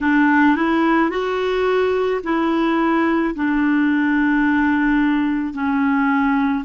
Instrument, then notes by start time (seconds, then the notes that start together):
clarinet
0.00 D4
0.56 E4
1.10 F#4
2.23 E4
3.35 D4
5.53 C#4